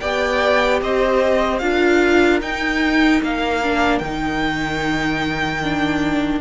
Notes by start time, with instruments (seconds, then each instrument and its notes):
0.00 cello B3, viola G4, violin D5 G5
0.82 cello C4, violin C5 D#5
1.59 cello D4, viola F4, violin A#4 F5
2.41 viola D#4, cello D#4, violin G5
3.22 cello A#3, violin F5
3.63 viola D4
3.99 cello D#3, viola D#4, violin G5
5.63 viola D4